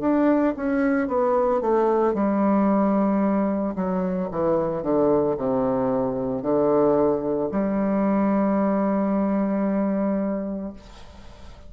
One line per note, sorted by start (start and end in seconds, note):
0.00 0.54 D4
0.56 1.08 C#4
1.08 1.61 B3
1.61 2.14 A3
2.14 3.75 G3
3.75 4.29 F#3
4.31 4.83 E3
4.83 5.36 D3
5.37 6.42 C3
6.42 7.50 D3
7.51 10.73 G3